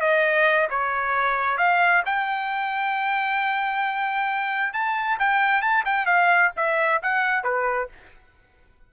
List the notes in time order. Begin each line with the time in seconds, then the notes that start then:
0.00 D#5
0.70 C#5
1.57 F5
2.05 G5
4.73 A5
5.19 G5
5.61 A5
5.85 G5
6.06 F5
6.56 E5
7.02 F#5
7.43 B4